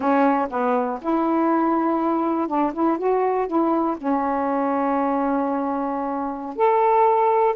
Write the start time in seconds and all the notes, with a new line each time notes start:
0.00 C#4
0.49 B3
1.01 E4
2.47 D4
2.73 E4
2.98 F#4
3.47 E4
3.97 C#4
6.56 A4